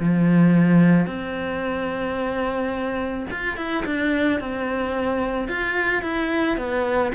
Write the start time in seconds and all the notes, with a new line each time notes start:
0.00 F3
1.06 C4
3.31 F4
3.57 E4
3.86 D4
4.40 C4
5.48 F4
6.03 E4
6.57 B3